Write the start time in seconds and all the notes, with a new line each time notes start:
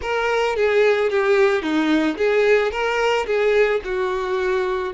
0.01 A#4
0.56 G#4
1.10 G4
1.62 D#4
2.17 G#4
2.71 A#4
3.26 G#4
3.84 F#4